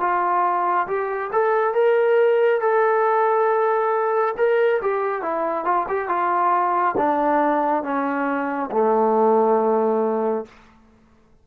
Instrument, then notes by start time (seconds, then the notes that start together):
trombone
0.00 F4
0.87 G4
1.32 A4
1.74 A#4
2.61 A4
4.38 A#4
4.82 G4
5.22 E4
5.65 F4
5.89 G4
6.08 F4
6.97 D4
7.83 C#4
8.71 A3